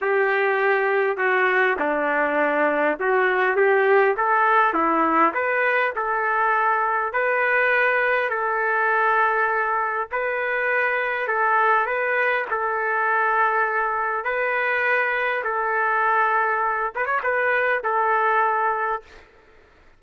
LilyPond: \new Staff \with { instrumentName = "trumpet" } { \time 4/4 \tempo 4 = 101 g'2 fis'4 d'4~ | d'4 fis'4 g'4 a'4 | e'4 b'4 a'2 | b'2 a'2~ |
a'4 b'2 a'4 | b'4 a'2. | b'2 a'2~ | a'8 b'16 cis''16 b'4 a'2 | }